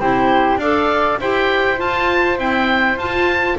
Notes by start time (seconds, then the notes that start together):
0.00 C4 E4 G4 C5
0.57 D4 A4 D5 F5
1.21 E4 G4 C5 G5
1.77 F4 A5
2.38 C4 E4 G5
2.97 F4 A5